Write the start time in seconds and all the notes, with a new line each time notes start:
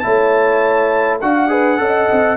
0.00 A3 E4 C#5 A5
1.21 D4 F#4 F5 F#5
1.49 G#4 B4
1.78 C#4 A4 D#5
2.12 C4